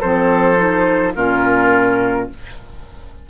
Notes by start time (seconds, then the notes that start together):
0.00 F3 C4 A4 C5
0.56 D#4
1.15 A#2 C#4 F4 A#4